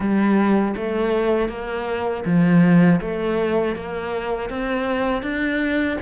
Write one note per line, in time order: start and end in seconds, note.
0.00 0.75 G3
0.76 1.48 A3
1.48 2.23 A#3
2.25 3.00 F3
3.00 3.75 A3
3.75 4.49 A#3
4.49 5.22 C4
5.22 5.97 D4